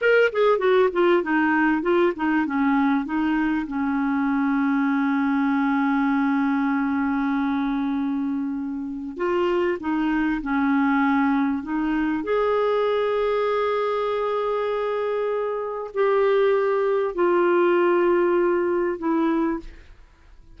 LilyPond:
\new Staff \with { instrumentName = "clarinet" } { \time 4/4 \tempo 4 = 98 ais'8 gis'8 fis'8 f'8 dis'4 f'8 dis'8 | cis'4 dis'4 cis'2~ | cis'1~ | cis'2. f'4 |
dis'4 cis'2 dis'4 | gis'1~ | gis'2 g'2 | f'2. e'4 | }